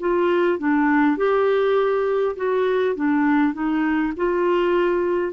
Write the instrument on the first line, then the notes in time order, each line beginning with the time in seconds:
clarinet
0.00 F4
0.59 D4
1.17 G4
2.37 F#4
2.96 D4
3.54 D#4
4.17 F4